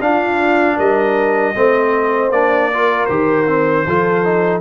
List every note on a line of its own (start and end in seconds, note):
0.00 0.77 D4
0.00 1.55 D4
0.00 0.76 F4
0.00 0.78 F5
0.76 1.55 G3
0.76 1.53 A#4
0.76 2.31 D#5
1.55 2.30 A3
1.55 2.32 C4
1.55 2.72 C5
2.30 3.07 A#3
2.30 2.72 D4
2.30 3.05 D5
2.72 3.09 F4
2.72 3.86 A#4
3.05 3.86 D#3
3.05 3.46 G4
3.05 4.59 C5
3.46 3.85 C4
3.86 4.60 F3
3.86 4.24 F4
3.86 4.60 A4
4.24 4.60 D#4